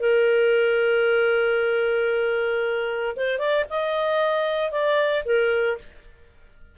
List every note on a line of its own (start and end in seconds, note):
0.00 3.16 A#4
3.17 3.39 C5
3.39 3.65 D5
3.70 4.71 D#5
4.71 5.24 D5
5.25 5.78 A#4